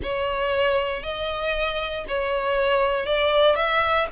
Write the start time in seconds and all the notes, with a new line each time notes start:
0.02 C#5
1.02 D#5
2.07 C#5
3.06 D5
3.55 E5